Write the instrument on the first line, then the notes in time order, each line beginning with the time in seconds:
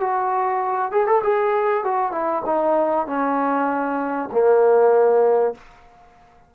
trombone
0.00 F#4
0.91 G#4
1.06 A4
1.23 G#4
1.84 F#4
2.12 E4
2.45 D#4
3.07 C#4
4.32 A#3